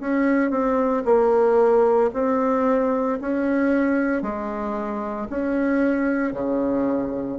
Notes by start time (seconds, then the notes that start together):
0.00 C#4
0.50 C4
1.05 A#3
2.13 C4
3.21 C#4
4.22 G#3
5.30 C#4
6.33 C#3